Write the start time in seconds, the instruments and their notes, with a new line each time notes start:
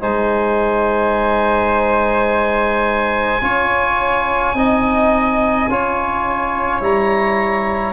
0.00 tuba G#3, trombone D#4, flute C5, oboe G#5
3.41 tuba C#4, trombone F4, flute C#5
4.54 tuba C4, trombone D#4, flute D#5
5.68 tuba C#4, trombone F4, flute C#5
6.80 tuba G3, trombone E4, oboe A#5